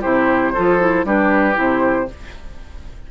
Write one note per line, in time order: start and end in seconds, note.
0.00 0.55 C3
0.00 0.54 E4
0.00 0.52 G4
0.00 1.05 C5
0.54 1.04 F3
0.54 0.79 F4
0.54 1.05 A4
0.79 1.05 E4
1.04 1.56 G3
1.04 1.54 D4
1.04 2.09 G4
1.04 1.58 B4
1.54 2.09 C3
1.54 2.05 E4
1.54 2.11 C5